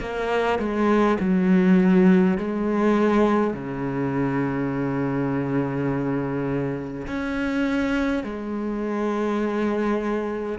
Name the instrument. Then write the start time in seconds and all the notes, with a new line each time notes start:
cello
0.00 A#3
0.59 G#3
1.20 F#3
2.38 G#3
3.54 C#3
7.07 C#4
8.24 G#3